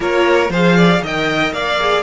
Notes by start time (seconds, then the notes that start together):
0.00 A#3 F4 A#4 C#5
0.49 F3 G#4 C5 F5
0.76 D5
1.01 D#3 A#4 D#5 G5
1.52 A#3 D5 F5
1.79 G#4